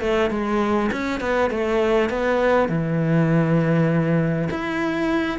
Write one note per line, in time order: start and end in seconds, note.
0.00 0.30 A3
0.30 0.90 G#3
0.92 1.20 C#4
1.20 1.50 B3
1.50 2.09 A3
2.09 2.68 B3
2.68 4.48 E3
4.50 5.38 E4